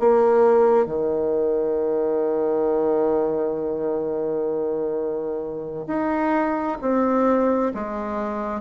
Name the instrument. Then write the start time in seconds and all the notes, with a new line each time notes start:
bassoon
0.00 A#3
0.86 D#3
5.88 D#4
6.82 C4
7.75 G#3